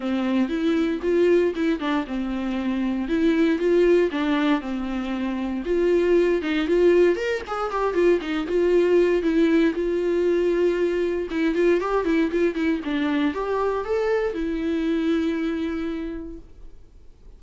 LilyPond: \new Staff \with { instrumentName = "viola" } { \time 4/4 \tempo 4 = 117 c'4 e'4 f'4 e'8 d'8 | c'2 e'4 f'4 | d'4 c'2 f'4~ | f'8 dis'8 f'4 ais'8 gis'8 g'8 f'8 |
dis'8 f'4. e'4 f'4~ | f'2 e'8 f'8 g'8 e'8 | f'8 e'8 d'4 g'4 a'4 | e'1 | }